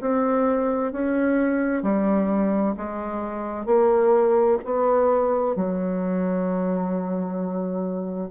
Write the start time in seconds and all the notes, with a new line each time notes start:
0.00 C4
0.92 C#4
1.82 G3
2.77 G#3
3.65 A#3
4.64 B3
5.56 F#3